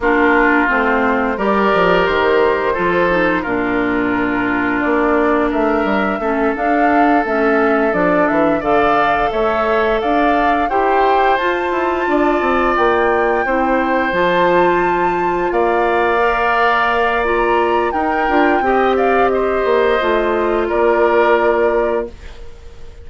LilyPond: <<
  \new Staff \with { instrumentName = "flute" } { \time 4/4 \tempo 4 = 87 ais'4 c''4 d''4 c''4~ | c''4 ais'2 d''4 | e''4. f''4 e''4 d''8 | e''8 f''4 e''4 f''4 g''8~ |
g''8 a''2 g''4.~ | g''8 a''2 f''4.~ | f''4 ais''4 g''4. f''8 | dis''2 d''2 | }
  \new Staff \with { instrumentName = "oboe" } { \time 4/4 f'2 ais'2 | a'4 f'2. | ais'4 a'2.~ | a'8 d''4 cis''4 d''4 c''8~ |
c''4. d''2 c''8~ | c''2~ c''8 d''4.~ | d''2 ais'4 dis''8 d''8 | c''2 ais'2 | }
  \new Staff \with { instrumentName = "clarinet" } { \time 4/4 d'4 c'4 g'2 | f'8 dis'8 d'2.~ | d'4 cis'8 d'4 cis'4 d'8~ | d'8 a'2. g'8~ |
g'8 f'2. e'8~ | e'8 f'2. ais'8~ | ais'4 f'4 dis'8 f'8 g'4~ | g'4 f'2. | }
  \new Staff \with { instrumentName = "bassoon" } { \time 4/4 ais4 a4 g8 f8 dis4 | f4 ais,2 ais4 | a8 g8 a8 d'4 a4 f8 | e8 d4 a4 d'4 e'8~ |
e'8 f'8 e'8 d'8 c'8 ais4 c'8~ | c'8 f2 ais4.~ | ais2 dis'8 d'8 c'4~ | c'8 ais8 a4 ais2 | }
>>